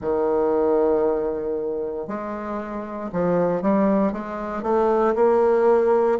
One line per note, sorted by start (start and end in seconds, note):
0.01 2.07 D#3
2.07 3.10 G#3
3.12 3.62 F3
3.62 4.12 G3
4.12 4.63 G#3
4.63 5.14 A3
5.15 6.18 A#3